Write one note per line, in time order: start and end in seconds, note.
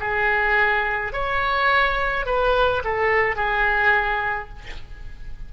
0.00 1.13 G#4
1.13 2.26 C#5
2.26 2.83 B4
2.85 3.36 A4
3.36 4.49 G#4